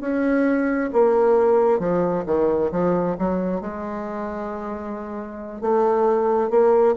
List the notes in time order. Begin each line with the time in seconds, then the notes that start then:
0.00 C#4
0.92 A#3
1.79 F3
2.26 D#3
2.71 F3
3.18 F#3
3.60 G#3
5.61 A3
6.50 A#3